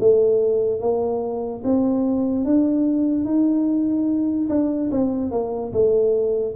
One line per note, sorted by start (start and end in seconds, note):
0.00 0.81 A3
0.81 1.63 A#3
1.64 2.45 C4
2.45 3.25 D4
3.25 4.49 D#4
4.50 4.91 D4
4.92 5.32 C4
5.32 5.73 A#3
5.73 6.55 A3